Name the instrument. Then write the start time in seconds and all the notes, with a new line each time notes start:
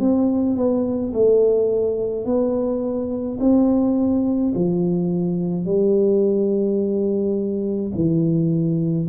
tuba
0.00 C4
0.56 B3
1.13 A3
2.25 B3
3.40 C4
4.55 F3
5.66 G3
7.95 E3